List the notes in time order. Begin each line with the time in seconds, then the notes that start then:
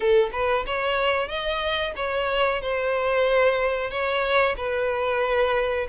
0.00 A4
0.32 B4
0.66 C#5
1.28 D#5
1.96 C#5
2.61 C5
3.90 C#5
4.57 B4